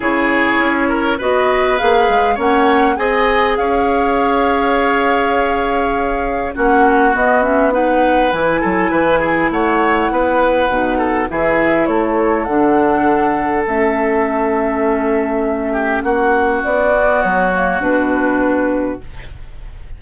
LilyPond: <<
  \new Staff \with { instrumentName = "flute" } { \time 4/4 \tempo 4 = 101 cis''2 dis''4 f''4 | fis''4 gis''4 f''2~ | f''2. fis''4 | dis''8 e''8 fis''4 gis''2 |
fis''2. e''4 | cis''4 fis''2 e''4~ | e''2. fis''4 | d''4 cis''4 b'2 | }
  \new Staff \with { instrumentName = "oboe" } { \time 4/4 gis'4. ais'8 b'2 | cis''4 dis''4 cis''2~ | cis''2. fis'4~ | fis'4 b'4. a'8 b'8 gis'8 |
cis''4 b'4. a'8 gis'4 | a'1~ | a'2~ a'8 g'8 fis'4~ | fis'1 | }
  \new Staff \with { instrumentName = "clarinet" } { \time 4/4 e'2 fis'4 gis'4 | cis'4 gis'2.~ | gis'2. cis'4 | b8 cis'8 dis'4 e'2~ |
e'2 dis'4 e'4~ | e'4 d'2 cis'4~ | cis'1~ | cis'8 b4 ais8 d'2 | }
  \new Staff \with { instrumentName = "bassoon" } { \time 4/4 cis4 cis'4 b4 ais8 gis8 | ais4 c'4 cis'2~ | cis'2. ais4 | b2 e8 fis8 e4 |
a4 b4 b,4 e4 | a4 d2 a4~ | a2. ais4 | b4 fis4 b,2 | }
>>